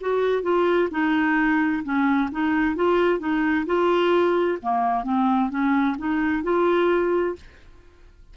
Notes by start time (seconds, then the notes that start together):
0.00 F#4
0.42 F4
0.90 D#4
1.83 C#4
2.31 D#4
2.75 F4
3.19 D#4
3.65 F4
4.62 A#3
5.03 C4
5.50 C#4
5.98 D#4
6.43 F4